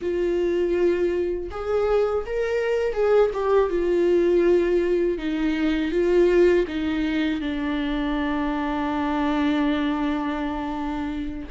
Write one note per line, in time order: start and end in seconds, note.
0.01 1.49 F4
1.51 2.25 G#4
2.26 2.93 A#4
2.93 3.30 G#4
3.33 3.69 G4
3.69 5.18 F4
5.18 5.91 D#4
5.91 6.65 F4
6.67 7.41 D#4
7.41 11.48 D4